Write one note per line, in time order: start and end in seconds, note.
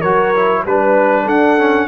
0.00 0.65 F#3
0.00 0.35 F#4
0.00 0.62 A#4
0.00 0.63 C#5
0.36 0.67 E4
0.65 1.26 G3
0.65 1.59 D4
0.65 1.25 B4
0.65 1.28 B4
1.25 1.88 D4
1.25 1.87 A4
1.25 1.88 F#5
1.59 1.88 C#4